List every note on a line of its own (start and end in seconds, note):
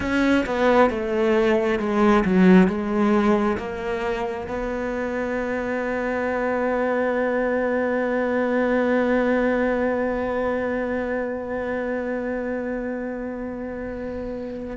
0.00 0.45 C#4
0.46 0.90 B3
0.90 1.79 A3
1.79 2.23 G#3
2.24 2.67 F#3
2.67 3.57 G#3
3.57 4.47 A#3
4.48 14.76 B3